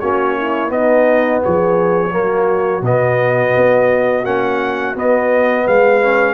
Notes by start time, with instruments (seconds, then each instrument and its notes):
0.00 tuba A#3, trombone C#4, horn F#4, trumpet C#5
0.37 horn E4
0.69 trombone B3, tuba B3, horn D#4, trumpet D#5
1.43 tuba F3, horn G#4, trumpet C#5
2.11 tuba F#3, trombone A#3, horn F#4
2.81 tuba B2, trombone B3, trumpet D#5
3.57 tuba B3
4.24 tuba A#3, trombone C#4, trumpet F#5
4.95 tuba B3, trombone B3, trumpet D#5
5.67 tuba G#3, horn B4, trumpet F5
6.01 trombone C#4